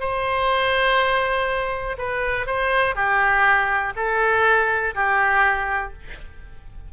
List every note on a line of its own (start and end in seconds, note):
0.00 1.97 C5
1.98 2.47 B4
2.47 2.95 C5
2.95 3.93 G4
3.96 4.94 A4
4.95 5.93 G4